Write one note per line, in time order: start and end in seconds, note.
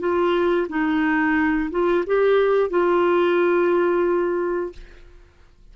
0.00 0.67 F4
0.69 1.70 D#4
1.71 2.05 F4
2.07 2.71 G4
2.71 4.73 F4